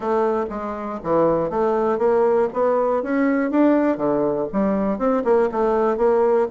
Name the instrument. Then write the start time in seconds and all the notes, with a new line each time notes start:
bassoon
0.00 A3
0.49 G#3
1.03 E3
1.50 A3
1.98 A#3
2.52 B3
3.02 C#4
3.50 D4
3.97 D3
4.52 G3
4.98 C4
5.24 A#3
5.51 A3
5.97 A#3